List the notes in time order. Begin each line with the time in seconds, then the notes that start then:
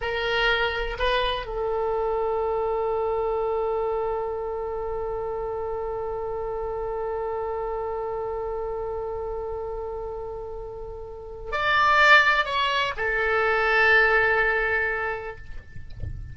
0.01 A#4
0.98 B4
1.46 A4
11.51 D5
12.45 C#5
12.96 A4